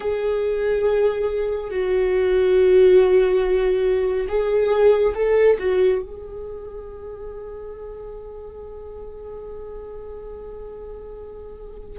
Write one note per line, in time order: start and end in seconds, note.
0.00 1.70 G#4
1.70 4.27 F#4
4.28 5.14 G#4
5.14 5.57 A4
5.59 6.02 F#4
6.02 11.98 G#4